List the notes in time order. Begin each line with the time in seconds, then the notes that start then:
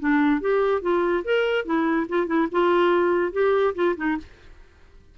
0.00 D4
0.41 G4
0.82 F4
1.25 A#4
1.66 E4
2.09 F4
2.27 E4
2.52 F4
3.33 G4
3.75 F4
3.97 D#4